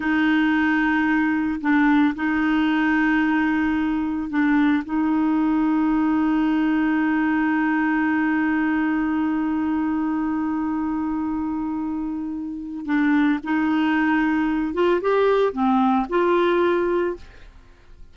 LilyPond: \new Staff \with { instrumentName = "clarinet" } { \time 4/4 \tempo 4 = 112 dis'2. d'4 | dis'1 | d'4 dis'2.~ | dis'1~ |
dis'1~ | dis'1 | d'4 dis'2~ dis'8 f'8 | g'4 c'4 f'2 | }